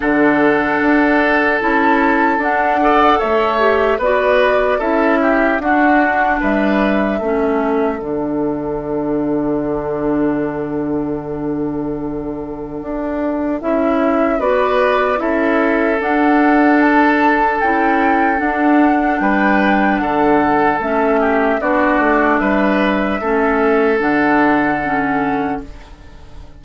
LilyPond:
<<
  \new Staff \with { instrumentName = "flute" } { \time 4/4 \tempo 4 = 75 fis''2 a''4 fis''4 | e''4 d''4 e''4 fis''4 | e''2 fis''2~ | fis''1~ |
fis''4 e''4 d''4 e''4 | fis''4 a''4 g''4 fis''4 | g''4 fis''4 e''4 d''4 | e''2 fis''2 | }
  \new Staff \with { instrumentName = "oboe" } { \time 4/4 a'2.~ a'8 d''8 | cis''4 b'4 a'8 g'8 fis'4 | b'4 a'2.~ | a'1~ |
a'2 b'4 a'4~ | a'1 | b'4 a'4. g'8 fis'4 | b'4 a'2. | }
  \new Staff \with { instrumentName = "clarinet" } { \time 4/4 d'2 e'4 d'8 a'8~ | a'8 g'8 fis'4 e'4 d'4~ | d'4 cis'4 d'2~ | d'1~ |
d'4 e'4 fis'4 e'4 | d'2 e'4 d'4~ | d'2 cis'4 d'4~ | d'4 cis'4 d'4 cis'4 | }
  \new Staff \with { instrumentName = "bassoon" } { \time 4/4 d4 d'4 cis'4 d'4 | a4 b4 cis'4 d'4 | g4 a4 d2~ | d1 |
d'4 cis'4 b4 cis'4 | d'2 cis'4 d'4 | g4 d4 a4 b8 a8 | g4 a4 d2 | }
>>